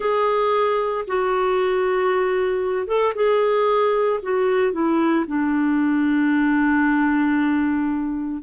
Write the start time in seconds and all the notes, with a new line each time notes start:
0.00 G#4
1.07 F#4
2.87 A4
3.14 G#4
4.22 F#4
4.72 E4
5.27 D4